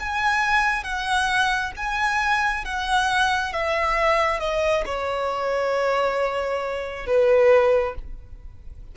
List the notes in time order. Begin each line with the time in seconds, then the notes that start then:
0.00 G#5
0.84 F#5
1.76 G#5
2.65 F#5
3.53 E5
4.40 D#5
4.86 C#5
7.07 B4